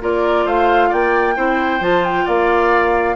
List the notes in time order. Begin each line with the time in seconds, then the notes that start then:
0.00 A#3 F4 A#4 D5
0.45 A3 C5 F5
0.89 A#3 D5 G5
1.35 C4 E4 C5
1.80 F3 F4 A5
2.04 G5
2.25 A#3 D5 F5